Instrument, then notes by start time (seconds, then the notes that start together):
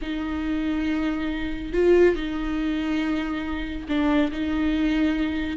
viola
0.01 D#4
1.73 F4
2.15 D#4
3.88 D4
4.31 D#4